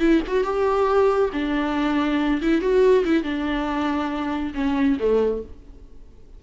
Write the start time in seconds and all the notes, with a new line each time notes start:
0.00 E4
0.27 F#4
0.44 G4
1.33 D4
2.42 E4
2.61 F#4
3.05 E4
3.23 D4
4.54 C#4
5.00 A3